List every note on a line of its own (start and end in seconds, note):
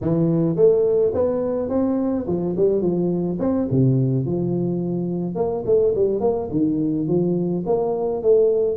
0.01 0.55 E3
0.55 1.12 A3
1.14 1.69 B3
1.69 2.25 C4
2.27 2.55 F3
2.56 2.81 G3
2.81 3.38 F3
3.39 3.67 C4
3.70 4.25 C3
4.25 5.35 F3
5.35 5.63 A#3
5.65 5.94 A3
5.95 6.20 G3
6.20 6.48 A#3
6.51 7.07 D#3
7.07 7.64 F3
7.66 8.22 A#3
8.22 8.77 A3